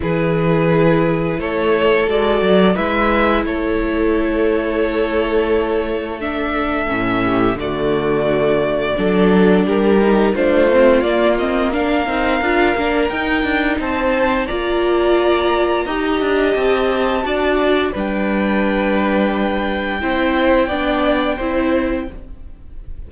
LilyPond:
<<
  \new Staff \with { instrumentName = "violin" } { \time 4/4 \tempo 4 = 87 b'2 cis''4 d''4 | e''4 cis''2.~ | cis''4 e''2 d''4~ | d''2 ais'4 c''4 |
d''8 dis''8 f''2 g''4 | a''4 ais''2. | a''2 g''2~ | g''1 | }
  \new Staff \with { instrumentName = "violin" } { \time 4/4 gis'2 a'2 | b'4 a'2.~ | a'2~ a'8 g'8 fis'4~ | fis'4 a'4 g'4 f'4~ |
f'4 ais'2. | c''4 d''2 dis''4~ | dis''4 d''4 b'2~ | b'4 c''4 d''4 c''4 | }
  \new Staff \with { instrumentName = "viola" } { \time 4/4 e'2. fis'4 | e'1~ | e'4 d'4 cis'4 a4~ | a4 d'4. dis'8 d'8 c'8 |
ais8 c'8 d'8 dis'8 f'8 d'8 dis'4~ | dis'4 f'2 g'4~ | g'4 fis'4 d'2~ | d'4 e'4 d'4 e'4 | }
  \new Staff \with { instrumentName = "cello" } { \time 4/4 e2 a4 gis8 fis8 | gis4 a2.~ | a2 a,4 d4~ | d4 fis4 g4 a4 |
ais4. c'8 d'8 ais8 dis'8 d'8 | c'4 ais2 dis'8 d'8 | c'4 d'4 g2~ | g4 c'4 b4 c'4 | }
>>